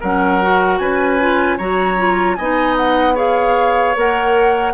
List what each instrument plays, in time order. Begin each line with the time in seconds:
0.00 bassoon F#3, clarinet C#4, oboe A#4, flute F#5
0.42 clarinet F#4
0.78 bassoon C#4, oboe B4, flute G#5
1.19 clarinet F4
1.57 bassoon F#3, clarinet F#4, oboe C#5, flute A#5
1.97 clarinet F4
2.35 bassoon B3, clarinet D#4, oboe D#5, flute G#5
2.77 flute F#5
3.14 clarinet G#4, oboe C#5, flute F5
3.96 bassoon A#3, clarinet A#4, flute F#5